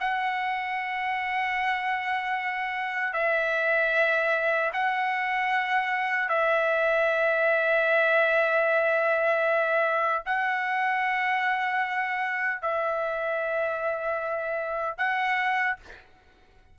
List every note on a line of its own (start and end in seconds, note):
0.00 3.13 F#5
3.13 4.71 E5
4.73 6.29 F#5
6.29 10.23 E5
10.26 12.61 F#5
12.61 14.98 E5
14.98 15.77 F#5